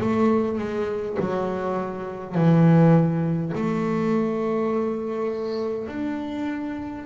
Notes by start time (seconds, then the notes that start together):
0.00 A3
0.58 G#3
1.19 F#3
2.35 E3
3.55 A3
5.88 D4